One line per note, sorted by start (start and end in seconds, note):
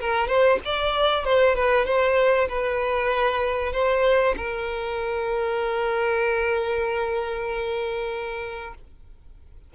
0.00 0.28 A#4
0.28 0.59 C5
0.64 1.24 D5
1.24 1.55 C5
1.55 1.86 B4
1.86 2.48 C5
2.48 3.72 B4
3.72 4.35 C5
4.37 8.74 A#4